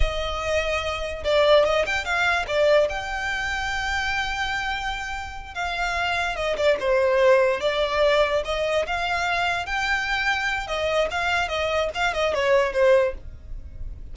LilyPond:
\new Staff \with { instrumentName = "violin" } { \time 4/4 \tempo 4 = 146 dis''2. d''4 | dis''8 g''8 f''4 d''4 g''4~ | g''1~ | g''4. f''2 dis''8 |
d''8 c''2 d''4.~ | d''8 dis''4 f''2 g''8~ | g''2 dis''4 f''4 | dis''4 f''8 dis''8 cis''4 c''4 | }